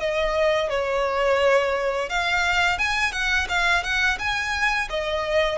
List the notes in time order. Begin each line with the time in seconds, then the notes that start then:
0.00 D#5
0.70 C#5
2.10 F5
2.78 G#5
3.12 F#5
3.49 F5
3.83 F#5
4.19 G#5
4.90 D#5